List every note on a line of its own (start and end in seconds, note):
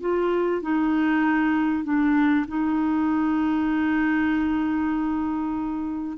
0.00 0.62 F4
0.62 1.84 D#4
1.84 2.45 D4
2.47 6.17 D#4